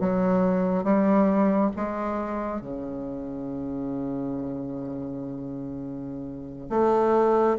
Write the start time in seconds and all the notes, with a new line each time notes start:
0.00 F#3
0.83 G3
1.76 G#3
2.61 C#3
6.70 A3